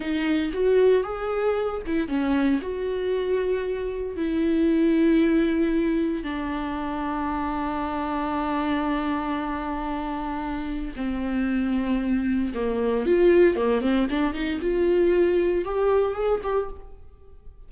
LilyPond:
\new Staff \with { instrumentName = "viola" } { \time 4/4 \tempo 4 = 115 dis'4 fis'4 gis'4. e'8 | cis'4 fis'2. | e'1 | d'1~ |
d'1~ | d'4 c'2. | ais4 f'4 ais8 c'8 d'8 dis'8 | f'2 g'4 gis'8 g'8 | }